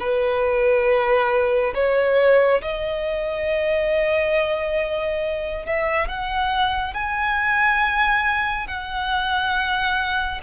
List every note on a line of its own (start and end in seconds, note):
0.00 1.74 B4
1.74 2.61 C#5
2.62 5.66 D#5
5.66 6.08 E5
6.08 6.94 F#5
6.94 8.67 G#5
8.67 10.41 F#5